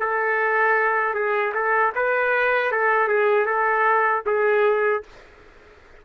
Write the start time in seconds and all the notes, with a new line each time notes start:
0.00 A4
1.14 G#4
1.54 A4
1.95 B4
2.71 A4
3.08 G#4
3.46 A4
4.26 G#4